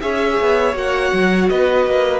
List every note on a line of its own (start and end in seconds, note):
0.00 0.40 C#4
0.00 0.73 G#4
0.00 1.50 C#5
0.00 0.75 E5
0.40 0.74 B3
0.73 1.11 A#3
0.73 2.19 F#4
0.73 1.49 F#5
1.13 1.50 F#3
1.49 1.86 B3
1.49 2.19 B4
1.49 2.19 D#5
1.86 2.19 A#3